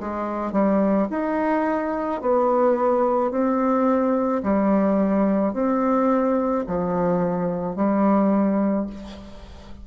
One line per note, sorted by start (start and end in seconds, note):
0.00 0.52 G#3
0.52 1.08 G3
1.10 2.21 D#4
2.21 3.31 B3
3.31 4.42 C4
4.43 5.54 G3
5.54 6.65 C4
6.67 7.76 F3
7.76 8.87 G3